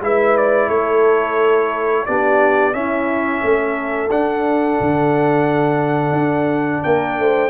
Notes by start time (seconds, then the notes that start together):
0.00 G#3 E4 B4 E5
0.37 D5
0.68 A3 A4 C#5
2.05 B3 D4 G4 D5
2.72 C#4 E4 E5
3.43 A3 A4
4.10 D4 F#5
4.80 D3
6.11 D4
6.83 A#3 A#4 G5
7.18 A3 C5